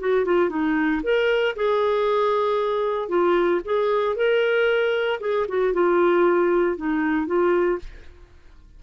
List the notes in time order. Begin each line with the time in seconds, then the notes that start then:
0.00 F#4
0.25 F4
0.50 D#4
1.03 A#4
1.56 G#4
3.09 F4
3.65 G#4
4.16 A#4
5.20 G#4
5.49 F#4
5.73 F4
6.77 D#4
7.27 F4